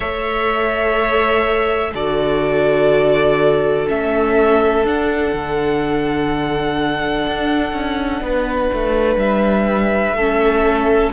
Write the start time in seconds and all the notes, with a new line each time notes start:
0.00 A3 A4 C#5 E5
1.93 D3 F#4 A4 D5
3.87 A3 C#4 E5
4.83 D4 F#5
5.33 D3
7.26 D4
7.72 C#4
8.21 B3 B4
8.73 A3
9.16 G3 E5
10.12 A3 A4
10.18 C#4